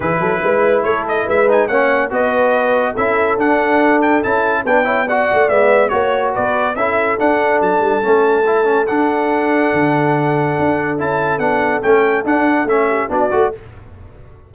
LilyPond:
<<
  \new Staff \with { instrumentName = "trumpet" } { \time 4/4 \tempo 4 = 142 b'2 cis''8 dis''8 e''8 gis''8 | fis''4 dis''2 e''4 | fis''4. g''8 a''4 g''4 | fis''4 e''4 cis''4 d''4 |
e''4 fis''4 a''2~ | a''4 fis''2.~ | fis''2 a''4 fis''4 | g''4 fis''4 e''4 d''4 | }
  \new Staff \with { instrumentName = "horn" } { \time 4/4 gis'8 a'8 b'4 a'4 b'4 | cis''4 b'2 a'4~ | a'2. b'8 cis''8 | d''2 cis''4 b'4 |
a'1~ | a'1~ | a'1~ | a'2~ a'8 g'8 fis'4 | }
  \new Staff \with { instrumentName = "trombone" } { \time 4/4 e'2.~ e'8 dis'8 | cis'4 fis'2 e'4 | d'2 e'4 d'8 e'8 | fis'4 b4 fis'2 |
e'4 d'2 cis'4 | e'8 cis'8 d'2.~ | d'2 e'4 d'4 | cis'4 d'4 cis'4 d'8 fis'8 | }
  \new Staff \with { instrumentName = "tuba" } { \time 4/4 e8 fis8 gis4 a4 gis4 | ais4 b2 cis'4 | d'2 cis'4 b4~ | b8 a8 gis4 ais4 b4 |
cis'4 d'4 fis8 g8 a4~ | a4 d'2 d4~ | d4 d'4 cis'4 b4 | a4 d'4 a4 b8 a8 | }
>>